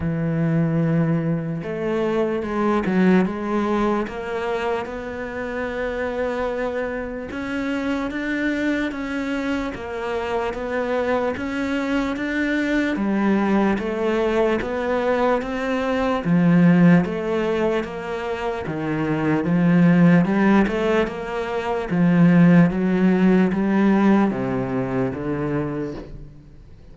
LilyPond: \new Staff \with { instrumentName = "cello" } { \time 4/4 \tempo 4 = 74 e2 a4 gis8 fis8 | gis4 ais4 b2~ | b4 cis'4 d'4 cis'4 | ais4 b4 cis'4 d'4 |
g4 a4 b4 c'4 | f4 a4 ais4 dis4 | f4 g8 a8 ais4 f4 | fis4 g4 c4 d4 | }